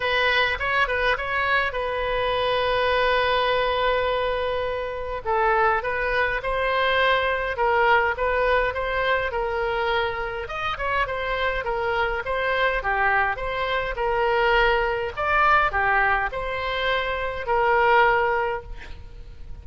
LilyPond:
\new Staff \with { instrumentName = "oboe" } { \time 4/4 \tempo 4 = 103 b'4 cis''8 b'8 cis''4 b'4~ | b'1~ | b'4 a'4 b'4 c''4~ | c''4 ais'4 b'4 c''4 |
ais'2 dis''8 cis''8 c''4 | ais'4 c''4 g'4 c''4 | ais'2 d''4 g'4 | c''2 ais'2 | }